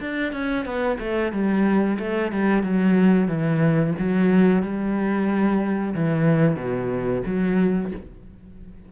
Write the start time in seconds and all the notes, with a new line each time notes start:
0.00 D4
0.33 C#4
0.65 B3
0.99 A3
1.32 G3
1.99 A3
2.32 G3
2.63 F#3
3.28 E3
3.98 F#3
4.62 G3
5.95 E3
6.56 B2
7.26 F#3